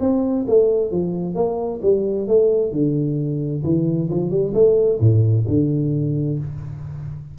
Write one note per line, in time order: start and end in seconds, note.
0.00 0.45 C4
0.47 0.91 A3
0.91 1.35 F3
1.35 1.80 A#3
1.82 2.27 G3
2.28 2.72 A3
2.72 3.63 D3
3.64 4.09 E3
4.10 4.30 F3
4.30 4.53 G3
4.54 4.99 A3
5.00 5.45 A2
5.47 6.38 D3